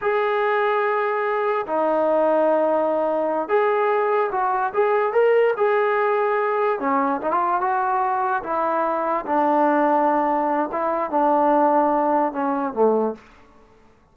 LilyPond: \new Staff \with { instrumentName = "trombone" } { \time 4/4 \tempo 4 = 146 gis'1 | dis'1~ | dis'8 gis'2 fis'4 gis'8~ | gis'8 ais'4 gis'2~ gis'8~ |
gis'8 cis'4 dis'16 f'8. fis'4.~ | fis'8 e'2 d'4.~ | d'2 e'4 d'4~ | d'2 cis'4 a4 | }